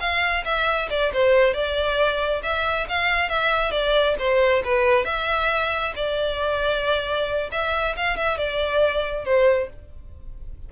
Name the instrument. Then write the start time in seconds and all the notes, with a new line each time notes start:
violin
0.00 F5
0.45 E5
0.90 D5
1.13 C5
1.54 D5
2.43 E5
2.89 F5
3.29 E5
3.72 D5
4.19 C5
4.64 B4
5.05 E5
5.96 D5
7.52 E5
7.97 F5
8.17 E5
8.38 D5
9.25 C5